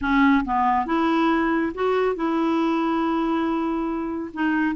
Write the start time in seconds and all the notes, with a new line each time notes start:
0.01 C#4
0.45 B3
0.86 E4
1.74 F#4
2.15 E4
4.33 D#4